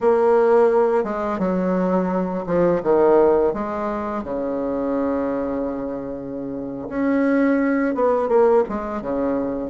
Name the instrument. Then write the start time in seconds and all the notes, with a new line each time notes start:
bassoon
0.01 A#3
1.04 G#3
1.38 F#3
2.46 F3
2.83 D#3
3.53 G#3
4.24 C#3
6.89 C#4
7.94 B3
8.28 A#3
8.68 G#3
9.01 C#3